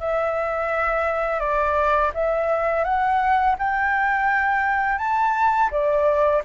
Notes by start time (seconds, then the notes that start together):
0.00 E5
1.40 D5
2.15 E5
2.84 F#5
3.58 G5
4.98 A5
5.71 D5